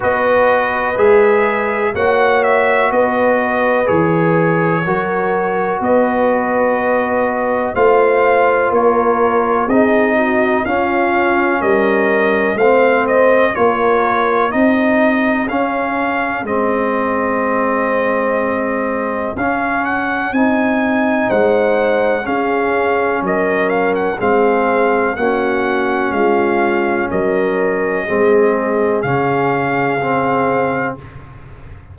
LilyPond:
<<
  \new Staff \with { instrumentName = "trumpet" } { \time 4/4 \tempo 4 = 62 dis''4 e''4 fis''8 e''8 dis''4 | cis''2 dis''2 | f''4 cis''4 dis''4 f''4 | dis''4 f''8 dis''8 cis''4 dis''4 |
f''4 dis''2. | f''8 fis''8 gis''4 fis''4 f''4 | dis''8 f''16 fis''16 f''4 fis''4 f''4 | dis''2 f''2 | }
  \new Staff \with { instrumentName = "horn" } { \time 4/4 b'2 cis''4 b'4~ | b'4 ais'4 b'2 | c''4 ais'4 gis'8 fis'8 f'4 | ais'4 c''4 ais'4 gis'4~ |
gis'1~ | gis'2 c''4 gis'4 | ais'4 gis'4 fis'4 f'4 | ais'4 gis'2. | }
  \new Staff \with { instrumentName = "trombone" } { \time 4/4 fis'4 gis'4 fis'2 | gis'4 fis'2. | f'2 dis'4 cis'4~ | cis'4 c'4 f'4 dis'4 |
cis'4 c'2. | cis'4 dis'2 cis'4~ | cis'4 c'4 cis'2~ | cis'4 c'4 cis'4 c'4 | }
  \new Staff \with { instrumentName = "tuba" } { \time 4/4 b4 gis4 ais4 b4 | e4 fis4 b2 | a4 ais4 c'4 cis'4 | g4 a4 ais4 c'4 |
cis'4 gis2. | cis'4 c'4 gis4 cis'4 | fis4 gis4 ais4 gis4 | fis4 gis4 cis2 | }
>>